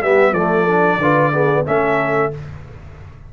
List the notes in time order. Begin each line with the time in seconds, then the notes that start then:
0.00 G3 B3 G4 E5
0.32 F3 A3 A4 D5
0.67 D4
0.97 D3 F4 B4
1.32 B3 G#4
1.65 A3 C#4 A4 E5